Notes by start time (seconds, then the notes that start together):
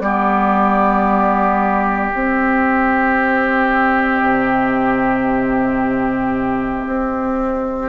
0.00 G3 B3 G4 D5
2.10 C4 D#5
4.22 C3
6.86 C4